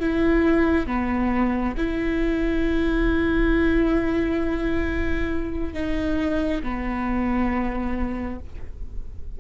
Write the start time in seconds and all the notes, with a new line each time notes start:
0.00 E4
0.87 B3
1.78 E4
5.74 D#4
6.63 B3